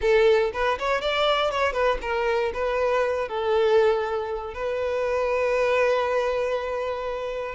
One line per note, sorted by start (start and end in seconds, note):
0.01 0.51 A4
0.53 0.78 B4
0.78 1.01 C#5
1.01 1.50 D5
1.50 1.73 C#5
1.73 1.98 B4
2.01 2.51 A#4
2.53 3.28 B4
3.28 4.54 A4
4.54 7.55 B4